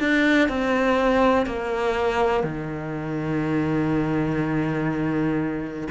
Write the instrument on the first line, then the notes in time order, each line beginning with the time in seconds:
cello
0.00 D4
0.49 C4
1.47 A#3
2.44 D#3